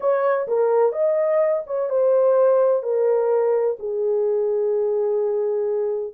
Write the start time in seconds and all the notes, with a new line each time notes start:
0.00 C#5
0.47 A#4
0.92 D#5
1.66 C#5
1.89 C5
2.82 A#4
3.79 G#4